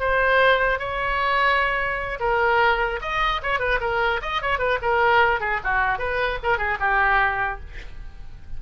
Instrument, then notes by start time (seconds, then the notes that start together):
oboe
0.00 C5
0.79 C#5
2.20 A#4
3.01 D#5
3.43 C#5
3.59 B4
3.81 A#4
4.22 D#5
4.42 C#5
4.59 B4
4.82 A#4
5.40 G#4
5.64 F#4
5.99 B4
6.43 A#4
6.58 G#4
6.80 G4